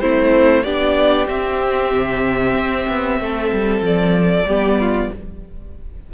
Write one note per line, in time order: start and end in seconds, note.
0.00 0.63 A3
0.00 0.65 C4
0.00 0.64 E4
0.00 0.63 C5
0.63 1.27 B3
0.63 1.27 D4
0.63 3.19 G4
0.63 1.27 D5
1.27 4.46 C4
1.27 1.93 C4
1.27 3.83 E5
1.94 2.54 C3
2.54 2.86 C4
2.88 3.19 B3
3.19 3.51 A3
3.19 4.47 A4
3.52 3.81 G3
3.81 4.45 F3
3.81 5.13 D5
4.45 5.09 G3
4.45 5.12 B3
4.45 4.79 G4
4.80 5.12 F4